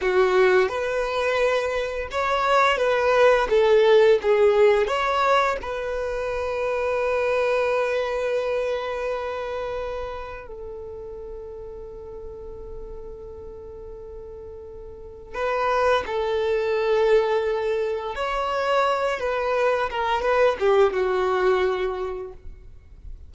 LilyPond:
\new Staff \with { instrumentName = "violin" } { \time 4/4 \tempo 4 = 86 fis'4 b'2 cis''4 | b'4 a'4 gis'4 cis''4 | b'1~ | b'2. a'4~ |
a'1~ | a'2 b'4 a'4~ | a'2 cis''4. b'8~ | b'8 ais'8 b'8 g'8 fis'2 | }